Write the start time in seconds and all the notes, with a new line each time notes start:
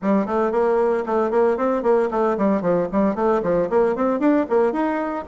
0.01 G3
0.26 A3
0.51 A#3
1.06 A3
1.31 A#3
1.57 C4
1.83 A#3
2.11 A3
2.37 G3
2.61 F3
2.91 G3
3.15 A3
3.42 F3
3.69 A#3
3.95 C4
4.19 D4
4.49 A#3
4.72 D#4